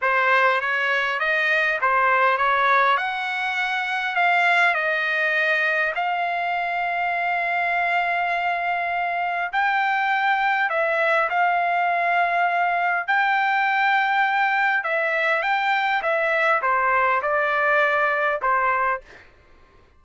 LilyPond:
\new Staff \with { instrumentName = "trumpet" } { \time 4/4 \tempo 4 = 101 c''4 cis''4 dis''4 c''4 | cis''4 fis''2 f''4 | dis''2 f''2~ | f''1 |
g''2 e''4 f''4~ | f''2 g''2~ | g''4 e''4 g''4 e''4 | c''4 d''2 c''4 | }